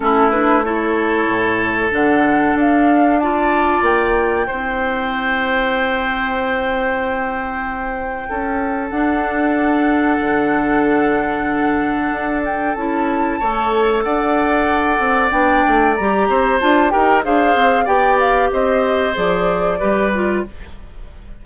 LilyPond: <<
  \new Staff \with { instrumentName = "flute" } { \time 4/4 \tempo 4 = 94 a'8 b'8 cis''2 fis''4 | f''4 a''4 g''2~ | g''1~ | g''2 fis''2~ |
fis''2.~ fis''8 g''8 | a''2 fis''2 | g''4 ais''4 a''8 g''8 f''4 | g''8 f''8 dis''4 d''2 | }
  \new Staff \with { instrumentName = "oboe" } { \time 4/4 e'4 a'2.~ | a'4 d''2 c''4~ | c''1~ | c''4 a'2.~ |
a'1~ | a'4 cis''4 d''2~ | d''4. c''4 ais'8 c''4 | d''4 c''2 b'4 | }
  \new Staff \with { instrumentName = "clarinet" } { \time 4/4 cis'8 d'8 e'2 d'4~ | d'4 f'2 e'4~ | e'1~ | e'2 d'2~ |
d'1 | e'4 a'2. | d'4 g'4 f'8 g'8 gis'4 | g'2 gis'4 g'8 f'8 | }
  \new Staff \with { instrumentName = "bassoon" } { \time 4/4 a2 a,4 d4 | d'2 ais4 c'4~ | c'1~ | c'4 cis'4 d'2 |
d2. d'4 | cis'4 a4 d'4. c'8 | b8 a8 g8 c'8 d'8 dis'8 d'8 c'8 | b4 c'4 f4 g4 | }
>>